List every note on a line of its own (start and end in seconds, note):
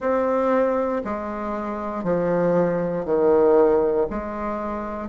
0.00 1.02 C4
1.04 2.03 G#3
2.03 3.05 F3
3.05 4.07 D#3
4.10 5.08 G#3